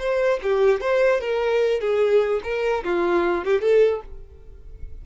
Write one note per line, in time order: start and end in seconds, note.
0.00 0.40 C5
0.43 0.81 G4
0.81 1.21 C5
1.21 1.81 A#4
1.81 2.41 G#4
2.44 2.84 A#4
2.85 3.45 F4
3.45 3.62 G4
3.62 4.02 A4